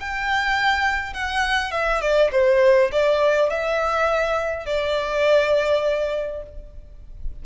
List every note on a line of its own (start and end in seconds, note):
0.00 1.14 G5
1.14 1.72 F#5
1.72 2.01 E5
2.01 2.31 D5
2.32 2.91 C5
2.92 3.50 D5
3.50 4.66 E5
4.66 6.43 D5